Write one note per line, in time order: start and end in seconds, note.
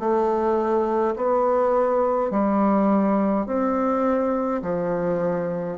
0.00 1.15 A3
1.16 2.31 B3
2.31 3.47 G3
3.47 4.62 C4
4.63 5.78 F3